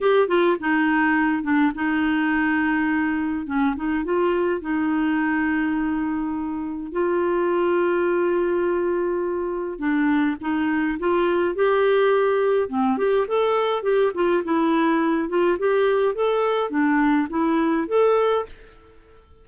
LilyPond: \new Staff \with { instrumentName = "clarinet" } { \time 4/4 \tempo 4 = 104 g'8 f'8 dis'4. d'8 dis'4~ | dis'2 cis'8 dis'8 f'4 | dis'1 | f'1~ |
f'4 d'4 dis'4 f'4 | g'2 c'8 g'8 a'4 | g'8 f'8 e'4. f'8 g'4 | a'4 d'4 e'4 a'4 | }